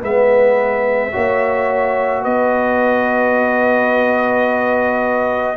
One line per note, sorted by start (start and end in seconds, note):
0.00 1.13 G#3
0.00 1.12 B3
0.00 1.11 B4
0.00 2.24 E5
1.12 2.25 A#3
1.12 5.56 F#4
1.12 2.22 C#5
2.22 5.57 B3
2.22 5.56 B4
2.22 5.57 D#5